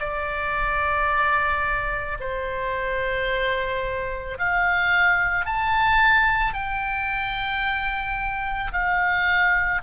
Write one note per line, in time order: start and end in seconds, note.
0.00 2.18 D5
2.20 4.38 C5
4.39 5.46 F5
5.46 6.54 A5
6.54 8.72 G5
8.73 9.82 F5